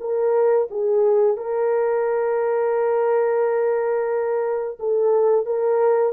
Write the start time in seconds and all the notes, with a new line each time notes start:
0.00 A#4
0.70 G#4
1.37 A#4
4.79 A4
5.45 A#4